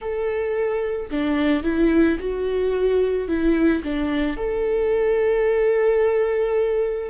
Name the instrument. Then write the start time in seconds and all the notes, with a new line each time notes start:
viola
0.00 A4
1.10 D4
1.63 E4
2.19 F#4
3.28 E4
3.83 D4
4.36 A4